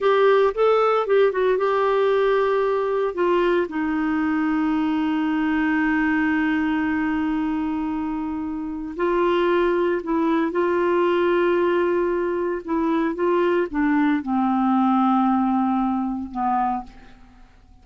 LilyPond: \new Staff \with { instrumentName = "clarinet" } { \time 4/4 \tempo 4 = 114 g'4 a'4 g'8 fis'8 g'4~ | g'2 f'4 dis'4~ | dis'1~ | dis'1~ |
dis'4 f'2 e'4 | f'1 | e'4 f'4 d'4 c'4~ | c'2. b4 | }